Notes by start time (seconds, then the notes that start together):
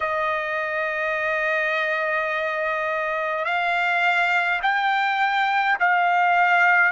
0.00 D#5
3.44 F5
4.62 G5
5.79 F5